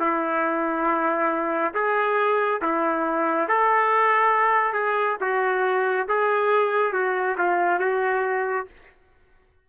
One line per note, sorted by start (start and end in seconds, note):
0.00 1.74 E4
1.75 2.62 G#4
2.62 3.49 E4
3.49 4.74 A4
4.74 5.17 G#4
5.21 6.08 F#4
6.09 6.94 G#4
6.94 7.37 F#4
7.38 7.80 F4
7.80 8.67 F#4